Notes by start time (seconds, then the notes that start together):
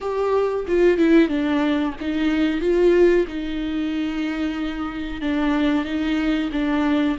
0.01 G4
0.67 F4
0.97 E4
1.28 D4
2.00 D#4
2.61 F4
3.27 D#4
5.21 D4
5.85 D#4
6.52 D4